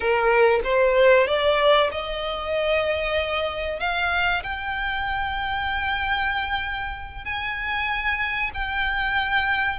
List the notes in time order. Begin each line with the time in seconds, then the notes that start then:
0.00 A#4
0.63 C5
1.27 D5
1.91 D#5
3.79 F5
4.43 G5
7.24 G#5
8.54 G5